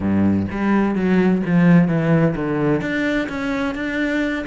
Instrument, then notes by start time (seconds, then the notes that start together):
cello
0.00 G2
0.50 G3
0.95 F#3
1.45 F3
1.88 E3
2.35 D3
2.81 D4
3.28 C#4
3.74 D4